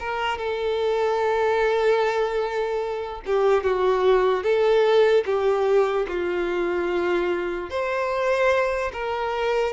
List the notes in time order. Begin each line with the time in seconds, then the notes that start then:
0.00 A#4
0.38 A4
3.27 G4
3.64 F#4
4.43 A4
5.26 G4
6.08 F4
7.70 C5
8.93 A#4